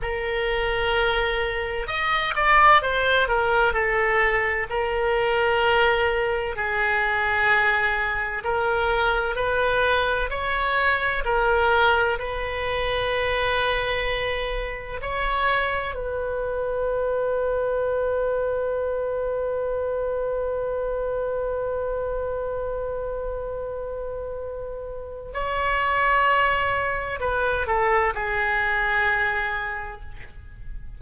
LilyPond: \new Staff \with { instrumentName = "oboe" } { \time 4/4 \tempo 4 = 64 ais'2 dis''8 d''8 c''8 ais'8 | a'4 ais'2 gis'4~ | gis'4 ais'4 b'4 cis''4 | ais'4 b'2. |
cis''4 b'2.~ | b'1~ | b'2. cis''4~ | cis''4 b'8 a'8 gis'2 | }